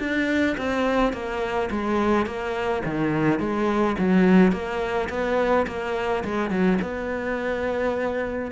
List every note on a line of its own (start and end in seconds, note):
0.00 0.57 D4
0.58 1.13 C4
1.13 1.70 A#3
1.71 2.27 G#3
2.27 2.83 A#3
2.86 3.40 D#3
3.40 3.96 G#3
3.99 4.53 F#3
4.53 5.09 A#3
5.10 5.67 B3
5.68 6.24 A#3
6.25 6.51 G#3
6.51 6.79 F#3
6.83 8.52 B3